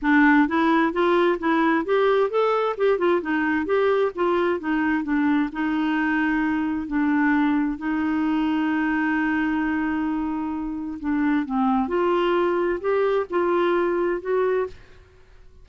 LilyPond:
\new Staff \with { instrumentName = "clarinet" } { \time 4/4 \tempo 4 = 131 d'4 e'4 f'4 e'4 | g'4 a'4 g'8 f'8 dis'4 | g'4 f'4 dis'4 d'4 | dis'2. d'4~ |
d'4 dis'2.~ | dis'1 | d'4 c'4 f'2 | g'4 f'2 fis'4 | }